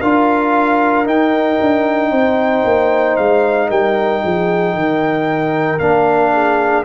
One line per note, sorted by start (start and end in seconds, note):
0.00 1.06 D4
0.00 1.05 F4
0.00 2.11 A#4
0.00 1.06 F5
1.05 5.79 D#4
1.05 1.58 D#4
1.05 3.16 G5
1.61 2.11 D4
2.11 2.64 C4
2.11 3.69 C5
2.64 3.17 A#3
3.16 3.70 G#3
3.16 3.69 F5
3.69 4.23 G3
3.69 4.22 A#4
3.69 5.79 G5
4.22 4.75 F3
4.22 4.73 G#4
4.73 5.80 D#3
4.73 6.31 A#4
5.79 6.85 A#3
5.79 6.84 D4
5.79 6.84 F5
6.33 6.85 G#4